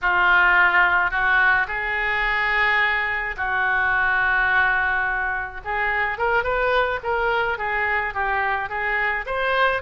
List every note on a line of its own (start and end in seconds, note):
0.01 1.11 F4
1.11 1.67 F#4
1.67 3.35 G#4
3.36 5.61 F#4
5.64 6.17 G#4
6.17 6.43 A#4
6.43 6.99 B4
7.03 7.58 A#4
7.58 8.14 G#4
8.14 8.69 G4
8.69 9.25 G#4
9.26 9.82 C5